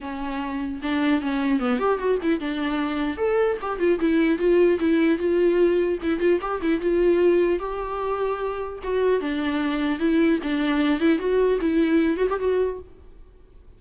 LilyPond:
\new Staff \with { instrumentName = "viola" } { \time 4/4 \tempo 4 = 150 cis'2 d'4 cis'4 | b8 g'8 fis'8 e'8 d'2 | a'4 g'8 f'8 e'4 f'4 | e'4 f'2 e'8 f'8 |
g'8 e'8 f'2 g'4~ | g'2 fis'4 d'4~ | d'4 e'4 d'4. e'8 | fis'4 e'4. fis'16 g'16 fis'4 | }